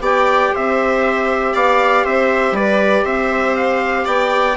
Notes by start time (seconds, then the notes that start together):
0.00 B3 G4 D5 G5
0.54 C4 C5 E5
1.54 B3 D5 F5
2.05 C4 C5 E5
2.52 G3 B4 D5
3.05 C4 C5 E5
3.56 F5
4.05 B3 D5 G5